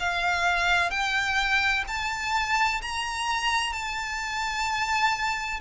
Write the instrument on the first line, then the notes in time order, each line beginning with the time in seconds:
violin
0.00 F5
0.91 G5
1.88 A5
2.82 A#5
3.73 A5